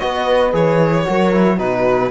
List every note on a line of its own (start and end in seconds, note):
0.00 0.53 B3
0.00 0.53 F#4
0.00 1.07 B4
0.00 0.53 D#5
0.53 1.06 E3
0.53 1.05 G#4
0.53 1.59 C#5
1.05 1.60 F#3
1.05 1.32 F#4
1.05 1.57 A#4
1.32 1.58 E4
1.57 2.11 B2
1.57 2.11 D#4
1.57 2.10 F#4
1.57 2.11 B4